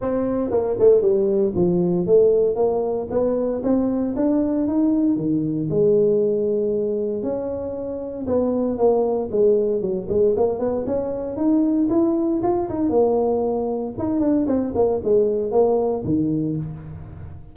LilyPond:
\new Staff \with { instrumentName = "tuba" } { \time 4/4 \tempo 4 = 116 c'4 ais8 a8 g4 f4 | a4 ais4 b4 c'4 | d'4 dis'4 dis4 gis4~ | gis2 cis'2 |
b4 ais4 gis4 fis8 gis8 | ais8 b8 cis'4 dis'4 e'4 | f'8 dis'8 ais2 dis'8 d'8 | c'8 ais8 gis4 ais4 dis4 | }